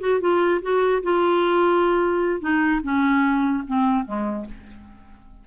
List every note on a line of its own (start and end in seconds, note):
0.00 0.20 F#4
0.20 0.61 F4
0.62 1.03 F#4
1.03 2.40 F4
2.40 2.81 D#4
2.83 3.64 C#4
3.67 4.05 C4
4.05 4.46 G#3